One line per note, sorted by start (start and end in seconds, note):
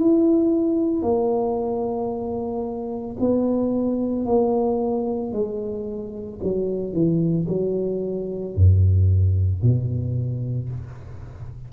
0.00 1.03 E4
1.03 3.17 A#3
3.20 4.26 B3
4.26 5.33 A#3
5.33 6.40 G#3
6.44 6.94 F#3
6.94 7.47 E3
7.49 8.56 F#3
8.56 9.63 F#2
9.63 10.70 B2